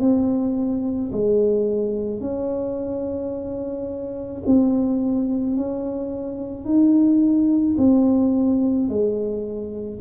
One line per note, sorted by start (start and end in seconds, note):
0.00 1.11 C4
1.12 2.21 G#3
2.21 4.43 C#4
4.46 5.57 C4
5.57 6.65 C#4
6.65 7.76 D#4
7.78 8.89 C4
8.89 10.00 G#3